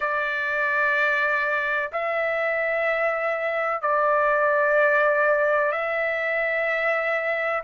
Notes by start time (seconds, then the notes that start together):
0.00 D5
1.92 E5
3.81 D5
5.71 E5